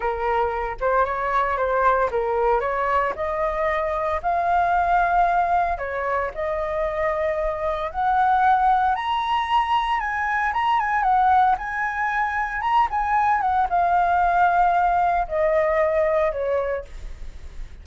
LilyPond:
\new Staff \with { instrumentName = "flute" } { \time 4/4 \tempo 4 = 114 ais'4. c''8 cis''4 c''4 | ais'4 cis''4 dis''2 | f''2. cis''4 | dis''2. fis''4~ |
fis''4 ais''2 gis''4 | ais''8 gis''8 fis''4 gis''2 | ais''8 gis''4 fis''8 f''2~ | f''4 dis''2 cis''4 | }